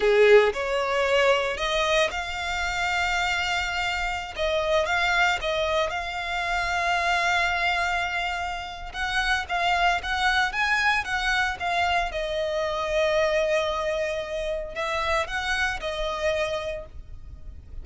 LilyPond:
\new Staff \with { instrumentName = "violin" } { \time 4/4 \tempo 4 = 114 gis'4 cis''2 dis''4 | f''1~ | f''16 dis''4 f''4 dis''4 f''8.~ | f''1~ |
f''4 fis''4 f''4 fis''4 | gis''4 fis''4 f''4 dis''4~ | dis''1 | e''4 fis''4 dis''2 | }